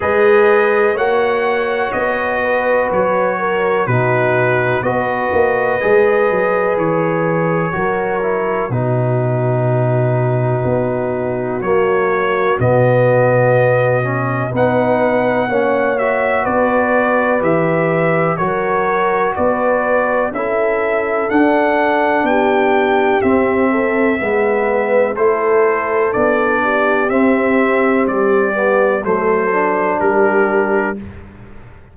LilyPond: <<
  \new Staff \with { instrumentName = "trumpet" } { \time 4/4 \tempo 4 = 62 dis''4 fis''4 dis''4 cis''4 | b'4 dis''2 cis''4~ | cis''4 b'2. | cis''4 dis''2 fis''4~ |
fis''8 e''8 d''4 e''4 cis''4 | d''4 e''4 fis''4 g''4 | e''2 c''4 d''4 | e''4 d''4 c''4 ais'4 | }
  \new Staff \with { instrumentName = "horn" } { \time 4/4 b'4 cis''4. b'4 ais'8 | fis'4 b'2. | ais'4 fis'2.~ | fis'2. b'4 |
cis''4 b'2 ais'4 | b'4 a'2 g'4~ | g'8 a'8 b'4 a'4. g'8~ | g'2 a'4 g'4 | }
  \new Staff \with { instrumentName = "trombone" } { \time 4/4 gis'4 fis'2. | dis'4 fis'4 gis'2 | fis'8 e'8 dis'2. | ais4 b4. cis'8 dis'4 |
cis'8 fis'4. g'4 fis'4~ | fis'4 e'4 d'2 | c'4 b4 e'4 d'4 | c'4. b8 a8 d'4. | }
  \new Staff \with { instrumentName = "tuba" } { \time 4/4 gis4 ais4 b4 fis4 | b,4 b8 ais8 gis8 fis8 e4 | fis4 b,2 b4 | fis4 b,2 b4 |
ais4 b4 e4 fis4 | b4 cis'4 d'4 b4 | c'4 gis4 a4 b4 | c'4 g4 fis4 g4 | }
>>